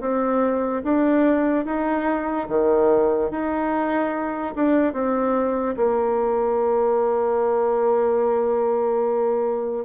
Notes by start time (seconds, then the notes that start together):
0.00 C4
0.83 D4
1.65 D#4
2.48 D#3
3.30 D#4
4.55 D4
4.93 C4
5.76 A#3